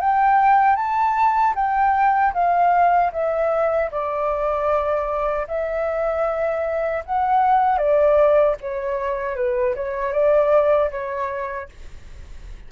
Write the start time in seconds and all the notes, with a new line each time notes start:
0.00 G5
0.76 A5
1.55 G5
2.33 F5
3.12 E5
3.91 D5
5.47 E5
7.05 F#5
7.77 D5
8.61 C#5
9.35 B4
9.75 C#5
10.12 D5
10.91 C#5